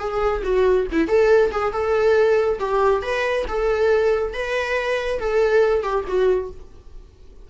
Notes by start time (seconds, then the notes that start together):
0.00 G#4
0.44 F#4
0.92 E4
1.08 A4
1.52 G#4
1.73 A4
2.60 G4
3.03 B4
3.48 A4
4.34 B4
5.20 A4
5.84 G4
6.08 F#4